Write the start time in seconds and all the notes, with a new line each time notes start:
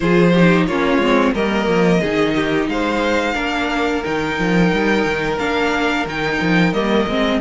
0.00 F3 F4 G#4 C5
0.33 D#4 G4
0.66 A#3 C#4 F4 C#5
0.97 G#3 C4
1.33 G3 A#3 A#4 D#5
1.67 F3
2.00 D#3 D#4 G#4
2.35 G4
2.67 G#3 C5 F5
3.34 A#3 D4 A#4
4.04 D#3 D#4 G5
4.38 F3
4.73 G3
5.05 D#3
5.38 A#3 D4 F5
6.05 D#3 D#4 G5
6.40 F3
6.72 G3 A#3 D#5
7.07 G#3 C4